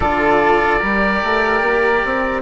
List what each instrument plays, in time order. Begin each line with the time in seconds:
0.00 bassoon D3, cello F4, flute A4, oboe D5
0.79 bassoon G3, cello G4, flute A#4
1.23 bassoon A3
1.61 bassoon A#3
2.04 bassoon C4